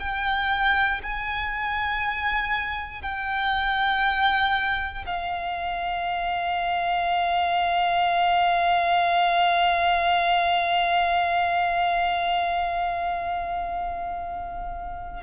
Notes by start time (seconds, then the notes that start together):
0.00 G5
1.04 G#5
3.02 G5
5.07 F5